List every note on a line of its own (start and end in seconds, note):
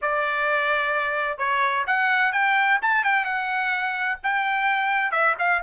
0.01 1.37 D5
1.37 1.84 C#5
1.86 2.32 F#5
2.32 2.79 G5
2.81 3.03 A5
3.03 3.24 G5
3.24 4.18 F#5
4.23 5.11 G5
5.11 5.35 E5
5.38 5.62 F5